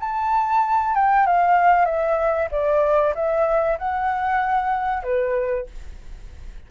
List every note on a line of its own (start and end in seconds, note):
0.00 0.94 A5
0.94 1.26 G5
1.26 1.85 F5
1.85 2.48 E5
2.51 3.14 D5
3.15 3.78 E5
3.78 5.03 F#5
5.03 5.66 B4